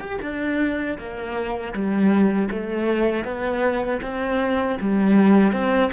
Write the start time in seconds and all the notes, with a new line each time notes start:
0.00 G4
0.22 D4
0.98 A#3
1.73 G3
2.50 A3
3.24 B3
4.02 C4
4.80 G3
5.53 C4